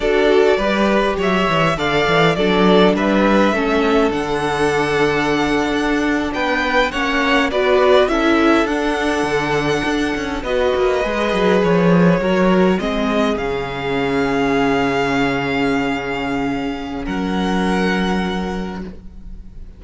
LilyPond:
<<
  \new Staff \with { instrumentName = "violin" } { \time 4/4 \tempo 4 = 102 d''2 e''4 f''4 | d''4 e''2 fis''4~ | fis''2~ fis''8. g''4 fis''16~ | fis''8. d''4 e''4 fis''4~ fis''16~ |
fis''4.~ fis''16 dis''2 cis''16~ | cis''4.~ cis''16 dis''4 f''4~ f''16~ | f''1~ | f''4 fis''2. | }
  \new Staff \with { instrumentName = "violin" } { \time 4/4 a'4 b'4 cis''4 d''4 | a'4 b'4 a'2~ | a'2~ a'8. b'4 cis''16~ | cis''8. b'4 a'2~ a'16~ |
a'4.~ a'16 b'2~ b'16~ | b'8. ais'4 gis'2~ gis'16~ | gis'1~ | gis'4 ais'2. | }
  \new Staff \with { instrumentName = "viola" } { \time 4/4 fis'4 g'2 a'4 | d'2 cis'4 d'4~ | d'2.~ d'8. cis'16~ | cis'8. fis'4 e'4 d'4~ d'16~ |
d'4.~ d'16 fis'4 gis'4~ gis'16~ | gis'8. fis'4 c'4 cis'4~ cis'16~ | cis'1~ | cis'1 | }
  \new Staff \with { instrumentName = "cello" } { \time 4/4 d'4 g4 fis8 e8 d8 e8 | fis4 g4 a4 d4~ | d4.~ d16 d'4 b4 ais16~ | ais8. b4 cis'4 d'4 d16~ |
d8. d'8 cis'8 b8 ais8 gis8 fis8 f16~ | f8. fis4 gis4 cis4~ cis16~ | cis1~ | cis4 fis2. | }
>>